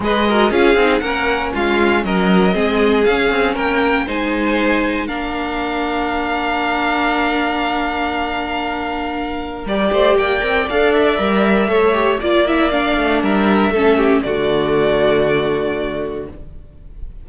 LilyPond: <<
  \new Staff \with { instrumentName = "violin" } { \time 4/4 \tempo 4 = 118 dis''4 f''4 fis''4 f''4 | dis''2 f''4 g''4 | gis''2 f''2~ | f''1~ |
f''2. d''4 | g''4 f''8 e''2~ e''8 | d''8 e''8 f''4 e''2 | d''1 | }
  \new Staff \with { instrumentName = "violin" } { \time 4/4 b'8 ais'8 gis'4 ais'4 f'4 | ais'4 gis'2 ais'4 | c''2 ais'2~ | ais'1~ |
ais'2.~ ais'8 c''8 | d''2. cis''4 | d''2 ais'4 a'8 g'8 | fis'1 | }
  \new Staff \with { instrumentName = "viola" } { \time 4/4 gis'8 fis'8 f'8 dis'8 cis'2~ | cis'4 c'4 cis'2 | dis'2 d'2~ | d'1~ |
d'2. g'4~ | g'8 ais'8 a'4 ais'4 a'8 g'8 | f'8 e'8 d'2 cis'4 | a1 | }
  \new Staff \with { instrumentName = "cello" } { \time 4/4 gis4 cis'8 c'8 ais4 gis4 | fis4 gis4 cis'8 c'8 ais4 | gis2 ais2~ | ais1~ |
ais2. g8 a8 | ais8 c'8 d'4 g4 a4 | ais4. a8 g4 a4 | d1 | }
>>